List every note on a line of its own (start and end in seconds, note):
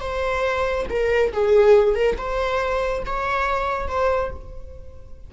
0.00 0.86 C5
0.89 1.32 A#4
1.33 1.95 G#4
1.95 2.16 A#4
2.17 3.03 C5
3.05 3.87 C#5
3.87 4.30 C5